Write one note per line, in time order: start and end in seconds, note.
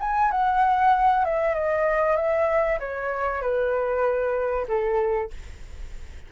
0.00 0.31 G#5
0.31 1.24 F#5
1.24 1.54 E5
1.54 2.16 D#5
2.16 2.78 E5
2.79 3.41 C#5
3.41 4.66 B4
4.68 5.30 A4